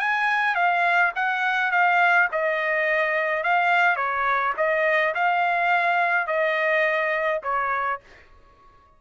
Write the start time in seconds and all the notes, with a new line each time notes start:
0.00 G#5
0.56 F5
1.16 F#5
1.72 F5
2.32 D#5
3.44 F5
3.97 C#5
4.58 D#5
5.15 F5
6.28 D#5
7.44 C#5